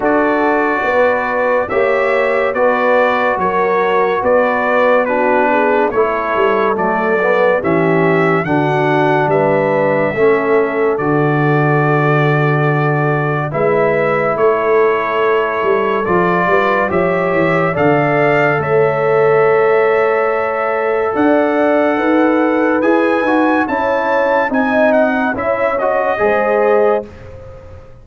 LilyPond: <<
  \new Staff \with { instrumentName = "trumpet" } { \time 4/4 \tempo 4 = 71 d''2 e''4 d''4 | cis''4 d''4 b'4 cis''4 | d''4 e''4 fis''4 e''4~ | e''4 d''2. |
e''4 cis''2 d''4 | e''4 f''4 e''2~ | e''4 fis''2 gis''4 | a''4 gis''8 fis''8 e''8 dis''4. | }
  \new Staff \with { instrumentName = "horn" } { \time 4/4 a'4 b'4 cis''4 b'4 | ais'4 b'4 fis'8 gis'8 a'4~ | a'4 g'4 fis'4 b'4 | a'1 |
b'4 a'2~ a'8 b'8 | cis''4 d''4 cis''2~ | cis''4 d''4 b'2 | cis''4 dis''4 cis''4 c''4 | }
  \new Staff \with { instrumentName = "trombone" } { \time 4/4 fis'2 g'4 fis'4~ | fis'2 d'4 e'4 | a8 b8 cis'4 d'2 | cis'4 fis'2. |
e'2. f'4 | g'4 a'2.~ | a'2. gis'8 fis'8 | e'4 dis'4 e'8 fis'8 gis'4 | }
  \new Staff \with { instrumentName = "tuba" } { \time 4/4 d'4 b4 ais4 b4 | fis4 b2 a8 g8 | fis4 e4 d4 g4 | a4 d2. |
gis4 a4. g8 f8 g8 | f8 e8 d4 a2~ | a4 d'4 dis'4 e'8 dis'8 | cis'4 c'4 cis'4 gis4 | }
>>